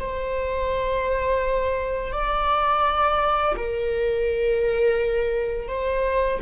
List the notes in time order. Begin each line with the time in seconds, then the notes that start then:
0.00 C5
2.13 D5
3.57 A#4
5.69 C5